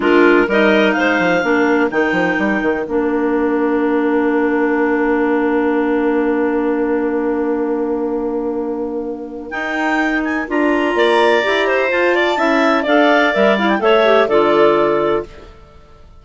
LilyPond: <<
  \new Staff \with { instrumentName = "clarinet" } { \time 4/4 \tempo 4 = 126 ais'4 dis''4 f''2 | g''2 f''2~ | f''1~ | f''1~ |
f''1 | g''4. gis''8 ais''2~ | ais''4 a''2 f''4 | e''8 f''16 g''16 e''4 d''2 | }
  \new Staff \with { instrumentName = "clarinet" } { \time 4/4 f'4 ais'4 c''4 ais'4~ | ais'1~ | ais'1~ | ais'1~ |
ais'1~ | ais'2. d''4~ | d''8 c''4 d''8 e''4 d''4~ | d''4 cis''4 a'2 | }
  \new Staff \with { instrumentName = "clarinet" } { \time 4/4 d'4 dis'2 d'4 | dis'2 d'2~ | d'1~ | d'1~ |
d'1 | dis'2 f'2 | g'4 f'4 e'4 a'4 | ais'8 e'8 a'8 g'8 f'2 | }
  \new Staff \with { instrumentName = "bassoon" } { \time 4/4 gis4 g4 gis8 f8 ais4 | dis8 f8 g8 dis8 ais2~ | ais1~ | ais1~ |
ais1 | dis'2 d'4 ais4 | e'4 f'4 cis'4 d'4 | g4 a4 d2 | }
>>